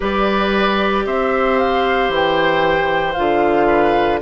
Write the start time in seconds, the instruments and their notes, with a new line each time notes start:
0.00 bassoon G3, clarinet G4, oboe B4, flute D5
1.05 bassoon C4, oboe C5, flute E5
1.58 flute F5
2.09 bassoon E3
2.15 flute G5
3.13 bassoon D3, clarinet F4, flute F5
3.66 oboe B4